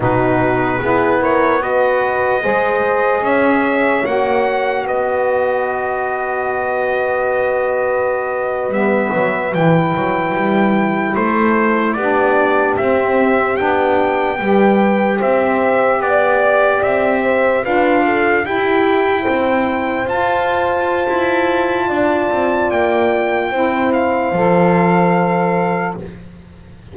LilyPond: <<
  \new Staff \with { instrumentName = "trumpet" } { \time 4/4 \tempo 4 = 74 b'4. cis''8 dis''2 | e''4 fis''4 dis''2~ | dis''2~ dis''8. e''4 g''16~ | g''4.~ g''16 c''4 d''4 e''16~ |
e''8. g''2 e''4 d''16~ | d''8. e''4 f''4 g''4~ g''16~ | g''8. a''2.~ a''16 | g''4. f''2~ f''8 | }
  \new Staff \with { instrumentName = "horn" } { \time 4/4 fis'4 gis'8 ais'8 b'4 c''4 | cis''2 b'2~ | b'1~ | b'4.~ b'16 a'4 g'4~ g'16~ |
g'4.~ g'16 b'4 c''4 d''16~ | d''4~ d''16 c''8 b'8 a'8 g'4 c''16~ | c''2. d''4~ | d''4 c''2. | }
  \new Staff \with { instrumentName = "saxophone" } { \time 4/4 dis'4 e'4 fis'4 gis'4~ | gis'4 fis'2.~ | fis'2~ fis'8. b4 e'16~ | e'2~ e'8. d'4 c'16~ |
c'8. d'4 g'2~ g'16~ | g'4.~ g'16 f'4 e'4~ e'16~ | e'8. f'2.~ f'16~ | f'4 e'4 a'2 | }
  \new Staff \with { instrumentName = "double bass" } { \time 4/4 b,4 b2 gis4 | cis'4 ais4 b2~ | b2~ b8. g8 fis8 e16~ | e16 fis8 g4 a4 b4 c'16~ |
c'8. b4 g4 c'4 b16~ | b8. c'4 d'4 e'4 c'16~ | c'8. f'4~ f'16 e'4 d'8 c'8 | ais4 c'4 f2 | }
>>